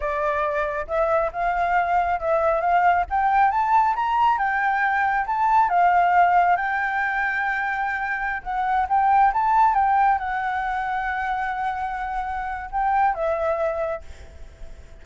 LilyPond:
\new Staff \with { instrumentName = "flute" } { \time 4/4 \tempo 4 = 137 d''2 e''4 f''4~ | f''4 e''4 f''4 g''4 | a''4 ais''4 g''2 | a''4 f''2 g''4~ |
g''2.~ g''16 fis''8.~ | fis''16 g''4 a''4 g''4 fis''8.~ | fis''1~ | fis''4 g''4 e''2 | }